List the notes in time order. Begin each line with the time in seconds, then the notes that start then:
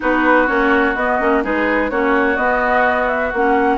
0.00 B3 D#4 F#4 B4
0.47 A#3 C#4 C#5
0.94 B3 D#5
1.20 A#3 C#4
1.43 G#3 D#4 G#4 B4
1.90 A#3 C#4 F#4 C#5
2.36 B3 D#5
3.08 E5
3.33 A#3 C#4 F#5